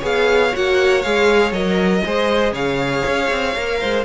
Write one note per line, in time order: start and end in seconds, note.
0.00 0.53 B3
0.00 0.52 G#4
0.00 2.02 C#5
0.00 0.56 F5
0.52 1.05 A#3
0.52 1.03 F#4
0.52 1.02 F#5
1.02 1.52 G#3
1.02 1.54 G#4
1.02 1.52 F5
1.52 2.03 F#3
1.52 2.04 A#4
1.52 2.54 D#5
2.05 2.52 G#3
2.05 3.56 G#4
2.05 2.53 C5
2.52 3.03 C#3
2.52 3.79 C#5
2.52 4.05 F5
3.07 3.31 C#4
3.31 3.56 C4
3.56 3.82 A#3
3.56 4.05 A#4
3.80 4.05 G#3
3.80 4.05 C5